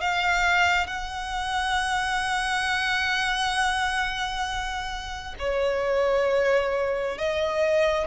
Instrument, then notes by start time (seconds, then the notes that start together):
violin
0.00 F5
0.86 F#5
5.38 C#5
7.17 D#5